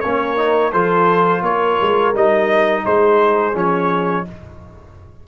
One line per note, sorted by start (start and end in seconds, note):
0.00 0.73 A#3
0.00 0.37 C#4
0.00 0.72 A#4
0.00 0.71 C#5
0.37 0.72 D#4
0.72 1.41 F3
0.72 2.14 F4
0.72 1.42 A4
0.72 1.43 C5
1.41 1.77 A#3
1.41 2.84 A#4
1.41 2.14 C#5
1.81 2.14 G#3
2.14 2.85 G3
2.14 3.54 D#4
2.14 2.85 D#5
2.84 3.54 G#3
2.84 4.26 G#4
2.84 3.56 C5
3.54 4.25 F3
3.54 4.24 C#4
3.54 4.27 C#5